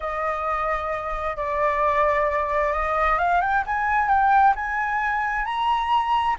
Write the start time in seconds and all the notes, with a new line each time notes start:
0.00 D#5
1.36 D5
2.73 D#5
3.18 F5
3.41 G5
3.66 G#5
4.08 G5
4.55 G#5
5.45 A#5